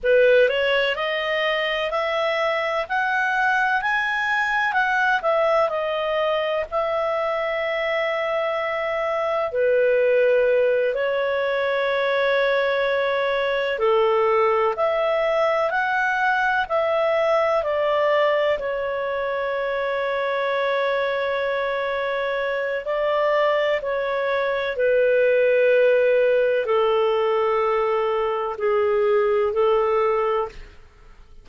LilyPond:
\new Staff \with { instrumentName = "clarinet" } { \time 4/4 \tempo 4 = 63 b'8 cis''8 dis''4 e''4 fis''4 | gis''4 fis''8 e''8 dis''4 e''4~ | e''2 b'4. cis''8~ | cis''2~ cis''8 a'4 e''8~ |
e''8 fis''4 e''4 d''4 cis''8~ | cis''1 | d''4 cis''4 b'2 | a'2 gis'4 a'4 | }